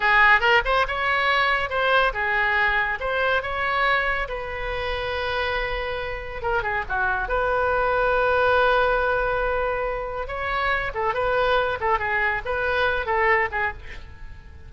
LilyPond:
\new Staff \with { instrumentName = "oboe" } { \time 4/4 \tempo 4 = 140 gis'4 ais'8 c''8 cis''2 | c''4 gis'2 c''4 | cis''2 b'2~ | b'2. ais'8 gis'8 |
fis'4 b'2.~ | b'1 | cis''4. a'8 b'4. a'8 | gis'4 b'4. a'4 gis'8 | }